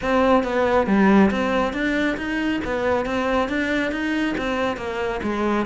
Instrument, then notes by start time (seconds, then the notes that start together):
cello
0.01 C4
0.43 B3
0.86 G3
1.30 C4
1.73 D4
2.17 D#4
2.64 B3
3.05 C4
3.48 D4
3.91 D#4
4.37 C4
4.76 A#3
5.22 G#3